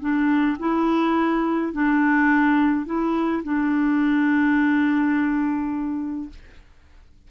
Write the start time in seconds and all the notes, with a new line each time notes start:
0.00 D4
0.59 E4
1.73 D4
2.86 E4
3.44 D4